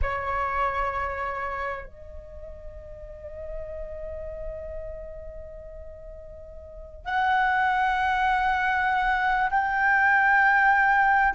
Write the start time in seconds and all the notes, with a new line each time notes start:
0.02 C#5
1.85 D#5
7.05 F#5
9.50 G5